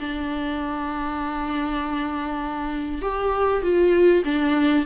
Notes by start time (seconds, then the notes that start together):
0.00 D4
3.02 G4
3.63 F4
4.25 D4